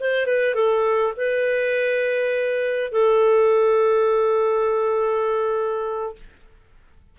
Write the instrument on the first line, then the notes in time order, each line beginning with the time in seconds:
clarinet
0.00 C5
0.26 B4
0.54 A4
1.17 B4
2.92 A4